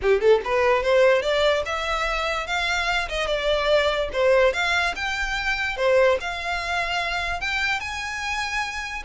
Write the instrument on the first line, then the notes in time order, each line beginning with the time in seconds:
violin
0.01 G4
0.20 A4
0.44 B4
0.82 C5
1.22 D5
1.65 E5
2.46 F5
3.08 D#5
3.27 D5
4.12 C5
4.53 F5
4.95 G5
5.76 C5
6.20 F5
7.40 G5
7.80 G#5